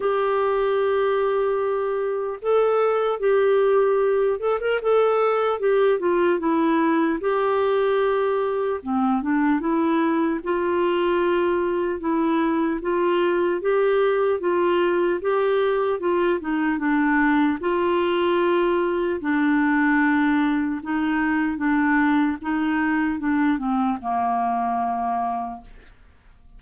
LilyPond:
\new Staff \with { instrumentName = "clarinet" } { \time 4/4 \tempo 4 = 75 g'2. a'4 | g'4. a'16 ais'16 a'4 g'8 f'8 | e'4 g'2 c'8 d'8 | e'4 f'2 e'4 |
f'4 g'4 f'4 g'4 | f'8 dis'8 d'4 f'2 | d'2 dis'4 d'4 | dis'4 d'8 c'8 ais2 | }